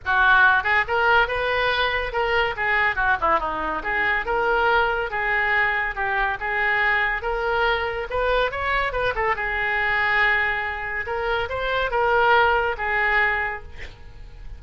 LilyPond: \new Staff \with { instrumentName = "oboe" } { \time 4/4 \tempo 4 = 141 fis'4. gis'8 ais'4 b'4~ | b'4 ais'4 gis'4 fis'8 e'8 | dis'4 gis'4 ais'2 | gis'2 g'4 gis'4~ |
gis'4 ais'2 b'4 | cis''4 b'8 a'8 gis'2~ | gis'2 ais'4 c''4 | ais'2 gis'2 | }